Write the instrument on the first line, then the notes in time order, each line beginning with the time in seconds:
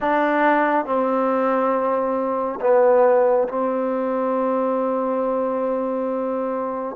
trombone
0.00 D4
0.85 C4
2.60 B3
3.48 C4